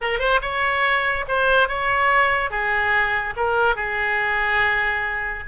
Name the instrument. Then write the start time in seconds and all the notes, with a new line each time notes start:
oboe
0.01 A#4
0.19 C5
0.41 C#5
1.27 C5
1.68 C#5
2.50 G#4
3.36 A#4
3.75 G#4